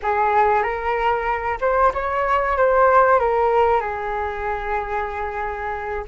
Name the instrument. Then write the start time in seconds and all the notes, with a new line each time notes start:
flute
0.02 G#4
0.62 A#4
1.60 C5
1.93 C#5
2.57 C5
3.19 A#4
3.80 G#4